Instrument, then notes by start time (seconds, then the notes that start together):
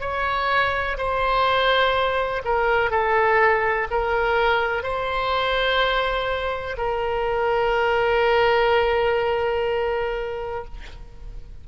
oboe
0.00 C#5
0.97 C5
2.45 A#4
2.91 A4
3.91 A#4
4.83 C5
6.77 A#4